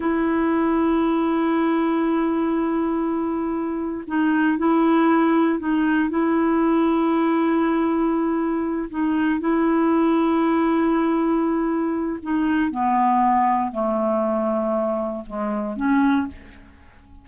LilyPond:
\new Staff \with { instrumentName = "clarinet" } { \time 4/4 \tempo 4 = 118 e'1~ | e'1 | dis'4 e'2 dis'4 | e'1~ |
e'4. dis'4 e'4.~ | e'1 | dis'4 b2 a4~ | a2 gis4 cis'4 | }